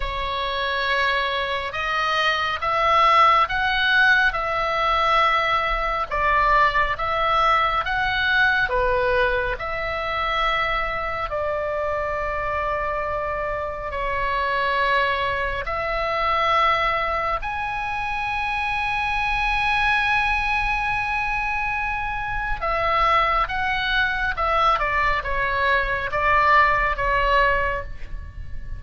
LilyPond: \new Staff \with { instrumentName = "oboe" } { \time 4/4 \tempo 4 = 69 cis''2 dis''4 e''4 | fis''4 e''2 d''4 | e''4 fis''4 b'4 e''4~ | e''4 d''2. |
cis''2 e''2 | gis''1~ | gis''2 e''4 fis''4 | e''8 d''8 cis''4 d''4 cis''4 | }